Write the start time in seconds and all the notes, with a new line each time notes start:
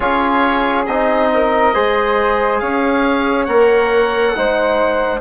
0.00 C#4 F4 G#4 C#5
0.86 C4 D#4 D#5
1.34 A#4
1.73 G#3 G#4 C5
2.59 C#4 C#5 F5
3.45 A#3 A#4 F#5
4.35 G#3 D#4 C5